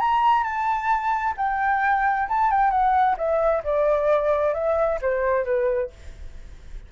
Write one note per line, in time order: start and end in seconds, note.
0.00 0.44 A#5
0.44 1.35 A5
1.37 2.28 G5
2.29 2.51 A5
2.51 2.71 G5
2.71 3.16 F#5
3.18 3.63 E5
3.64 4.54 D5
4.54 4.99 E5
5.02 5.45 C5
5.45 5.90 B4